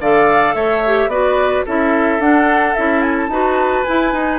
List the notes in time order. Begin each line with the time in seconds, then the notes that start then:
0.00 D3 A4 D5 F5
0.54 A3 C#5 E5
0.86 G4
1.07 B3 F#4 B4 D5
1.66 C#4 E4 A4 E5
2.19 D4 F#5
2.74 C#4 E4 E5
3.02 G#5
3.17 A5
3.28 D#4 F#4 B4
3.84 E4 G#5
4.13 D#4